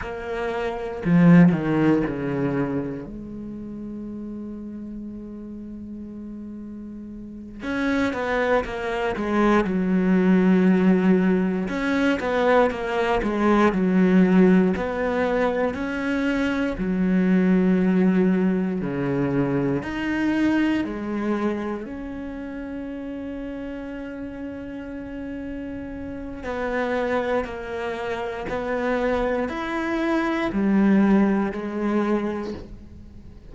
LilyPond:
\new Staff \with { instrumentName = "cello" } { \time 4/4 \tempo 4 = 59 ais4 f8 dis8 cis4 gis4~ | gis2.~ gis8 cis'8 | b8 ais8 gis8 fis2 cis'8 | b8 ais8 gis8 fis4 b4 cis'8~ |
cis'8 fis2 cis4 dis'8~ | dis'8 gis4 cis'2~ cis'8~ | cis'2 b4 ais4 | b4 e'4 g4 gis4 | }